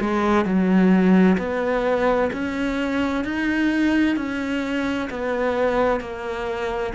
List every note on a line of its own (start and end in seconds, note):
0.00 0.44 G#3
0.44 1.37 F#3
1.38 2.30 B3
2.32 3.24 C#4
3.24 4.16 D#4
4.16 5.09 C#4
5.10 6.00 B3
6.00 6.92 A#3